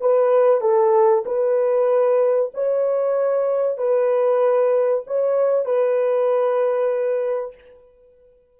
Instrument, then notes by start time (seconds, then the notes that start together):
horn
0.00 B4
0.61 A4
1.26 B4
2.54 C#5
3.78 B4
5.07 C#5
5.65 B4